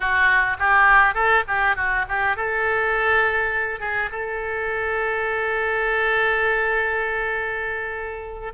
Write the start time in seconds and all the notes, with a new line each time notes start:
0.00 F#4
0.59 G4
1.14 A4
1.47 G4
1.76 F#4
2.08 G4
2.36 A4
3.80 G#4
4.11 A4